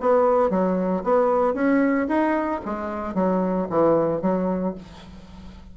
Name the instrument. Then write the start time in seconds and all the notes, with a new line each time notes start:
bassoon
0.00 B3
0.50 F#3
1.04 B3
1.54 C#4
2.08 D#4
2.65 G#3
3.14 F#3
3.69 E3
4.21 F#3